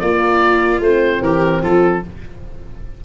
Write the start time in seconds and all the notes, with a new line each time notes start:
0.00 A#3 F4 D5
0.80 A3 C4 C5
1.21 E3 G4 A#4
1.61 F3 F4 A4